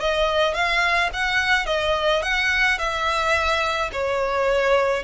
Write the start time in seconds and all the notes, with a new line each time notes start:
0.00 D#5
0.54 F5
1.14 F#5
1.66 D#5
2.23 F#5
2.78 E5
3.93 C#5